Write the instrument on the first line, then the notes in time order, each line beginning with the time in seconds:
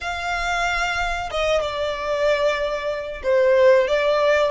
violin
0.01 F5
1.30 D#5
1.61 D5
3.23 C5
3.87 D5